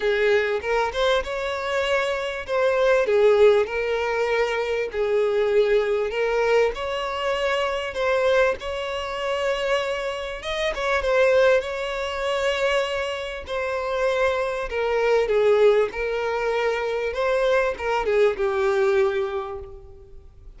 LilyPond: \new Staff \with { instrumentName = "violin" } { \time 4/4 \tempo 4 = 98 gis'4 ais'8 c''8 cis''2 | c''4 gis'4 ais'2 | gis'2 ais'4 cis''4~ | cis''4 c''4 cis''2~ |
cis''4 dis''8 cis''8 c''4 cis''4~ | cis''2 c''2 | ais'4 gis'4 ais'2 | c''4 ais'8 gis'8 g'2 | }